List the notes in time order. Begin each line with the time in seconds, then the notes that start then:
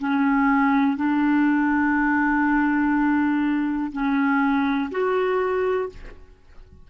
0.00 C#4
0.97 D4
3.93 C#4
4.91 F#4